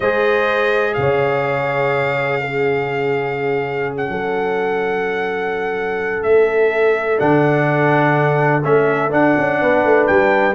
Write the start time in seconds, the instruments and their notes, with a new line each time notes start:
0.00 tuba G#3, trombone G#4, horn C5, trumpet D#5
0.94 tuba C#3, horn C#5, trumpet F5
2.41 trombone C#4, horn G#4
3.97 trumpet F#5
4.08 tuba F#3, horn A4
6.22 tuba A3, trumpet E5
7.18 tuba D3, trombone D4, trumpet F#5
8.63 tuba A3, trombone C#4, trumpet E5
9.10 trombone D4, tuba D4, trumpet F#5
9.38 tuba C#4
9.60 tuba B3, horn B4
9.84 tuba A3
10.06 tuba G3, trumpet G5